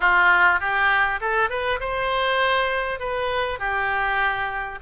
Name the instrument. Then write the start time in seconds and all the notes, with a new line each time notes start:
oboe
0.00 F4
0.60 G4
1.20 A4
1.49 B4
1.80 C5
2.99 B4
3.59 G4